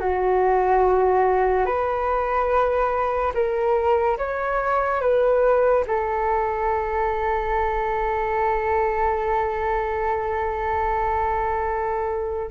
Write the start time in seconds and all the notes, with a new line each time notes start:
0.00 F#4
1.66 B4
3.34 A#4
4.18 C#5
5.01 B4
5.87 A4